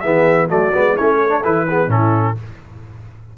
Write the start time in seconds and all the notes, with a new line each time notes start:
0.00 E3 B3 G#4 E5
0.48 F#3 A3 F#4 D5
0.73 G#3 B3
0.96 A3 C#4 E4 C#5
1.22 A4
1.29 D4
1.44 E3 E4 B4
1.68 B3 G#4
1.88 A2 C#4 E4 A4